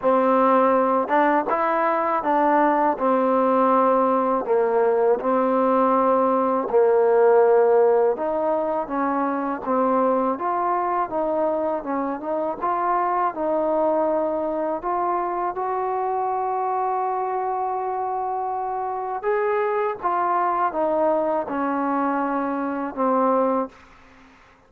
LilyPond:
\new Staff \with { instrumentName = "trombone" } { \time 4/4 \tempo 4 = 81 c'4. d'8 e'4 d'4 | c'2 ais4 c'4~ | c'4 ais2 dis'4 | cis'4 c'4 f'4 dis'4 |
cis'8 dis'8 f'4 dis'2 | f'4 fis'2.~ | fis'2 gis'4 f'4 | dis'4 cis'2 c'4 | }